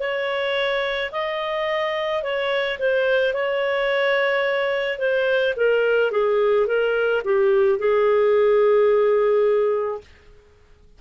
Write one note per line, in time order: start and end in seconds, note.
0.00 1.11 C#5
1.12 2.23 D#5
2.23 2.78 C#5
2.79 3.34 C5
3.34 4.98 C#5
4.98 5.54 C5
5.56 6.11 A#4
6.11 6.67 G#4
6.67 7.22 A#4
7.25 7.79 G4
7.79 10.01 G#4